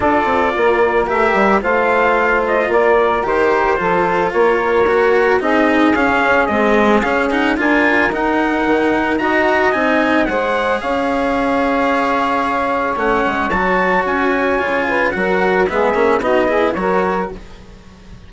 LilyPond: <<
  \new Staff \with { instrumentName = "trumpet" } { \time 4/4 \tempo 4 = 111 d''2 e''4 f''4~ | f''8 dis''8 d''4 c''2 | cis''2 dis''4 f''4 | dis''4 f''8 fis''8 gis''4 fis''4~ |
fis''4 ais''4 gis''4 fis''4 | f''1 | fis''4 a''4 gis''2 | fis''4 e''4 dis''4 cis''4 | }
  \new Staff \with { instrumentName = "saxophone" } { \time 4/4 a'4 ais'2 c''4~ | c''4 ais'2 a'4 | ais'2 gis'2~ | gis'2 ais'2~ |
ais'4 dis''2 c''4 | cis''1~ | cis''2.~ cis''8 b'8 | ais'4 gis'4 fis'8 gis'8 ais'4 | }
  \new Staff \with { instrumentName = "cello" } { \time 4/4 f'2 g'4 f'4~ | f'2 g'4 f'4~ | f'4 fis'4 dis'4 cis'4 | gis4 cis'8 dis'8 f'4 dis'4~ |
dis'4 fis'4 dis'4 gis'4~ | gis'1 | cis'4 fis'2 f'4 | fis'4 b8 cis'8 dis'8 e'8 fis'4 | }
  \new Staff \with { instrumentName = "bassoon" } { \time 4/4 d'8 c'8 ais4 a8 g8 a4~ | a4 ais4 dis4 f4 | ais2 c'4 cis'4 | c'4 cis'4 d'4 dis'4 |
dis4 dis'4 c'4 gis4 | cis'1 | a8 gis8 fis4 cis'4 cis4 | fis4 gis8 ais8 b4 fis4 | }
>>